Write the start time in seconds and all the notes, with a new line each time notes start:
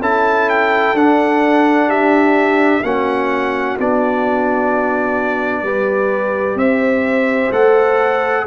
0.00 C#4 E4 A4 A5
0.49 G5
0.93 D4 F#5
1.88 G4 E5
2.82 A#3 C#4 F#4 F#5
3.78 B3 D4 D5
5.62 G3 G4 B4
6.55 C4 C5 E5
7.51 A3 A4 F#5